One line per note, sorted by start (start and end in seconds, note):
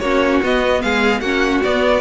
0.00 0.41 A#3
0.00 0.44 C#4
0.00 0.82 F#4
0.00 0.40 C#5
0.43 0.83 B3
0.43 1.23 B3
0.43 0.82 D#5
0.82 1.21 G#3
0.82 1.22 G#4
0.82 1.21 F5
1.21 1.61 A#3
1.21 1.64 C#4
1.21 2.02 F#4
1.21 1.61 F#5
1.64 2.02 B3
1.64 2.02 D5